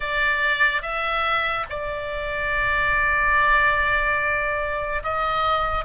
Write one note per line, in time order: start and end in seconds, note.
0.00 0.82 D5
0.82 1.65 E5
1.69 5.02 D5
5.03 5.84 D#5